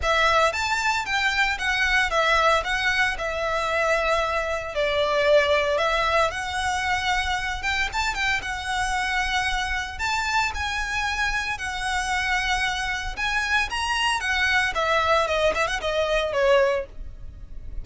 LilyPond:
\new Staff \with { instrumentName = "violin" } { \time 4/4 \tempo 4 = 114 e''4 a''4 g''4 fis''4 | e''4 fis''4 e''2~ | e''4 d''2 e''4 | fis''2~ fis''8 g''8 a''8 g''8 |
fis''2. a''4 | gis''2 fis''2~ | fis''4 gis''4 ais''4 fis''4 | e''4 dis''8 e''16 fis''16 dis''4 cis''4 | }